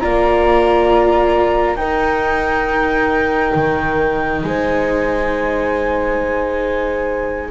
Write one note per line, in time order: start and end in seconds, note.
0.00 1.76 A#3
0.00 1.78 F4
0.00 1.78 D5
0.00 1.76 A#5
1.76 3.53 D#4
1.76 7.51 D#4
1.76 4.43 A#4
1.76 4.41 G5
3.55 4.43 D#3
4.44 7.51 G#3
4.44 7.51 C5
4.44 7.51 G#5